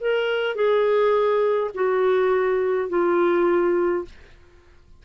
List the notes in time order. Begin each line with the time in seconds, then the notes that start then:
0.00 A#4
0.55 G#4
1.74 F#4
2.89 F4